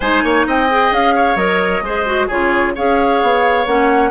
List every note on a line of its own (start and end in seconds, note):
0.00 0.23 G#3
0.00 0.69 D#4
0.00 0.23 C5
0.00 0.44 G#5
0.23 0.46 A#3
0.23 0.46 C#5
0.46 0.91 C4
0.46 1.15 D#5
0.46 0.93 G5
0.69 1.37 G#4
0.91 1.35 C#4
0.91 1.36 F5
1.15 1.84 C#5
1.35 1.81 F#3
1.35 1.82 A#4
1.35 2.28 D#5
1.81 2.27 G#3
1.81 2.06 G#4
1.81 2.27 C5
2.06 2.29 F#4
2.27 2.76 C#3
2.27 2.76 F4
2.27 2.73 G#4
2.27 2.74 C#5
2.75 3.22 C#4
2.75 3.66 G#4
2.75 4.10 C#5
2.75 3.66 F5
3.22 3.66 B3
3.66 4.10 A#3
3.66 4.10 C#4
3.66 4.10 F#5